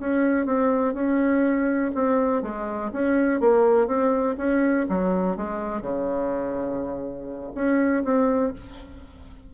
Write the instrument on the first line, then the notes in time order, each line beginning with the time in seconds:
bassoon
0.00 C#4
0.46 C4
0.94 C#4
1.95 C4
2.43 G#3
2.93 C#4
3.41 A#3
3.87 C4
4.38 C#4
4.89 F#3
5.37 G#3
5.82 C#3
7.55 C#4
8.04 C4